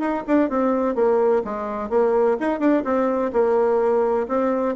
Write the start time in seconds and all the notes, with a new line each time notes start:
0.00 D#4
0.27 D4
0.50 C4
0.95 A#3
1.45 G#3
1.90 A#3
2.40 D#4
2.60 D4
2.85 C4
3.33 A#3
4.28 C4